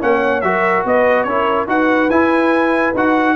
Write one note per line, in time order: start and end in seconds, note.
0.00 0.43 A#3
0.00 0.42 C#4
0.00 0.45 C#5
0.00 0.41 F#5
0.41 0.85 F#3
0.41 1.28 F#4
0.41 0.86 A#4
0.41 0.83 E5
0.85 1.25 B3
0.85 1.28 B4
0.85 1.23 D#5
1.23 1.67 C#4
1.23 1.67 E4
1.23 1.69 A#4
1.23 1.65 C#5
1.67 2.09 D#4
1.67 2.09 F#4
1.67 3.36 B4
1.67 2.10 F#5
2.09 2.93 E4
2.09 2.95 E4
2.09 2.94 G#5
2.94 3.36 D#4
2.94 3.36 F#4
2.94 3.36 F#5